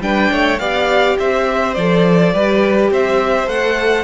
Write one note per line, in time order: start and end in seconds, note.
0.00 0.29 G3
0.00 0.60 D4
0.00 0.31 B4
0.00 0.59 G5
0.31 0.60 A3
0.31 0.60 C#5
0.59 1.18 B3
0.59 1.75 G4
0.59 1.18 D5
0.59 1.17 F5
1.18 1.77 C4
1.18 2.34 C5
1.18 1.74 E5
1.74 2.34 F3
1.74 2.34 A4
1.74 2.90 D5
2.34 2.91 G3
2.34 3.47 G4
2.34 2.91 B4
2.91 3.47 C4
2.91 4.04 C5
2.91 3.49 E5
3.47 4.04 A3
3.47 4.04 A4
3.47 4.04 F#5